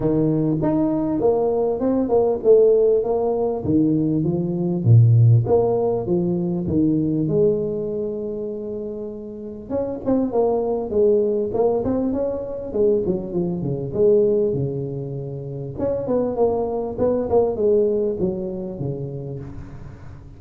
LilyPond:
\new Staff \with { instrumentName = "tuba" } { \time 4/4 \tempo 4 = 99 dis4 dis'4 ais4 c'8 ais8 | a4 ais4 dis4 f4 | ais,4 ais4 f4 dis4 | gis1 |
cis'8 c'8 ais4 gis4 ais8 c'8 | cis'4 gis8 fis8 f8 cis8 gis4 | cis2 cis'8 b8 ais4 | b8 ais8 gis4 fis4 cis4 | }